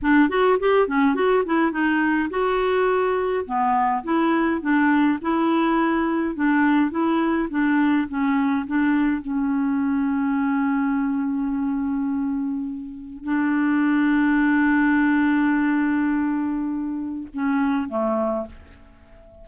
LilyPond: \new Staff \with { instrumentName = "clarinet" } { \time 4/4 \tempo 4 = 104 d'8 fis'8 g'8 cis'8 fis'8 e'8 dis'4 | fis'2 b4 e'4 | d'4 e'2 d'4 | e'4 d'4 cis'4 d'4 |
cis'1~ | cis'2. d'4~ | d'1~ | d'2 cis'4 a4 | }